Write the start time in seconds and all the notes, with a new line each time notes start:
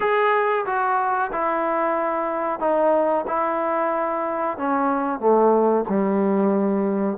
0.00 G#4
0.65 F#4
1.32 E4
2.59 D#4
3.27 E4
4.57 C#4
5.19 A3
5.88 G3